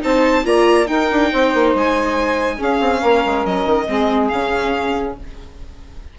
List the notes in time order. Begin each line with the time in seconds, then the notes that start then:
0.00 C4 D#4 C5 A5
0.45 A#3 F4 D5 A#5
0.86 D#4 A#4 G5
1.11 D4
1.32 C4 C5
1.53 A#3
1.74 G#3 G#5
2.56 C#4 G#4
2.62 F5
2.80 C4
3.00 A#3 A#4
3.25 G#3
3.45 F#3 D#5
3.65 D#3
3.88 G#3 C4 G#4
4.28 C#3 C#4 F5